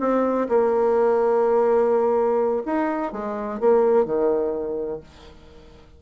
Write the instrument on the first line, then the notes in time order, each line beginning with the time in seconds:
bassoon
0.00 C4
0.49 A#3
2.66 D#4
3.13 G#3
3.60 A#3
4.05 D#3